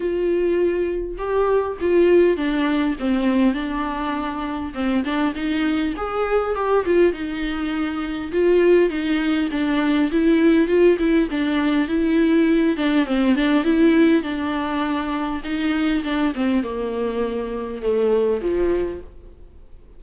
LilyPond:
\new Staff \with { instrumentName = "viola" } { \time 4/4 \tempo 4 = 101 f'2 g'4 f'4 | d'4 c'4 d'2 | c'8 d'8 dis'4 gis'4 g'8 f'8 | dis'2 f'4 dis'4 |
d'4 e'4 f'8 e'8 d'4 | e'4. d'8 c'8 d'8 e'4 | d'2 dis'4 d'8 c'8 | ais2 a4 f4 | }